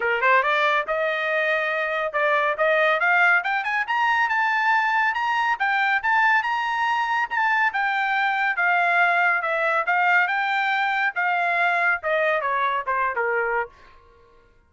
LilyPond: \new Staff \with { instrumentName = "trumpet" } { \time 4/4 \tempo 4 = 140 ais'8 c''8 d''4 dis''2~ | dis''4 d''4 dis''4 f''4 | g''8 gis''8 ais''4 a''2 | ais''4 g''4 a''4 ais''4~ |
ais''4 a''4 g''2 | f''2 e''4 f''4 | g''2 f''2 | dis''4 cis''4 c''8. ais'4~ ais'16 | }